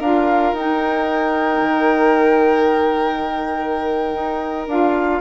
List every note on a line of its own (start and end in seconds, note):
0.00 0.53 D4
0.00 0.55 F4
0.00 5.21 A#4
0.00 0.54 F5
0.53 1.60 D#4
0.53 4.69 D#4
0.53 4.69 G5
1.61 4.14 D#3
4.14 4.67 D#4
4.67 5.21 D4
4.67 5.21 F4
4.67 5.21 F5